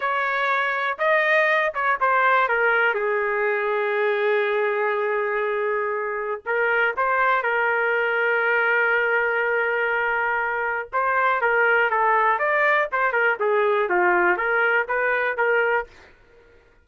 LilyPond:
\new Staff \with { instrumentName = "trumpet" } { \time 4/4 \tempo 4 = 121 cis''2 dis''4. cis''8 | c''4 ais'4 gis'2~ | gis'1~ | gis'4 ais'4 c''4 ais'4~ |
ais'1~ | ais'2 c''4 ais'4 | a'4 d''4 c''8 ais'8 gis'4 | f'4 ais'4 b'4 ais'4 | }